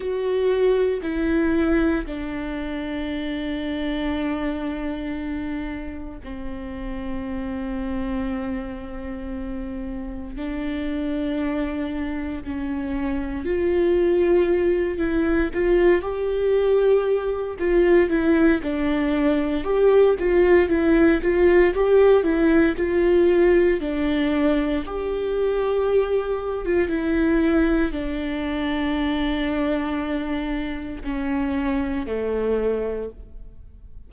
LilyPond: \new Staff \with { instrumentName = "viola" } { \time 4/4 \tempo 4 = 58 fis'4 e'4 d'2~ | d'2 c'2~ | c'2 d'2 | cis'4 f'4. e'8 f'8 g'8~ |
g'4 f'8 e'8 d'4 g'8 f'8 | e'8 f'8 g'8 e'8 f'4 d'4 | g'4.~ g'16 f'16 e'4 d'4~ | d'2 cis'4 a4 | }